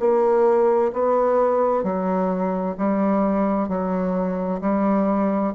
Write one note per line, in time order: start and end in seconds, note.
0.00 0.92 A#3
0.93 1.84 B3
1.84 2.76 F#3
2.78 3.69 G3
3.69 4.61 F#3
4.62 5.54 G3